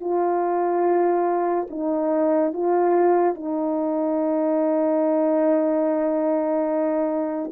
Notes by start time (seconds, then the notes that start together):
0.00 F4
1.70 D#4
2.53 F4
3.34 D#4